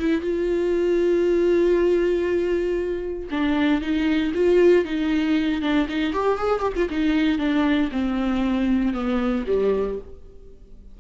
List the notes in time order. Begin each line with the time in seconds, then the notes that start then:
0.00 E4
0.22 F4
3.31 D4
3.82 D#4
4.35 F4
4.85 D#4
5.62 D4
5.90 D#4
6.14 G4
6.38 G#4
6.61 G4
6.76 F4
6.91 D#4
7.39 D4
7.92 C4
8.94 B3
9.48 G3